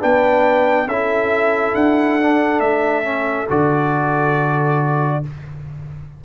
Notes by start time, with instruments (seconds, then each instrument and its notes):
0.00 tuba B3, trombone D4, horn B4, trumpet G5
0.87 tuba C#4, trombone E4, horn A4, trumpet E5
1.75 tuba D4, trumpet F#5
2.22 trombone D4
2.60 tuba A3, trumpet E5
3.03 trombone C#4
3.49 tuba D3, trombone F#4, trumpet D5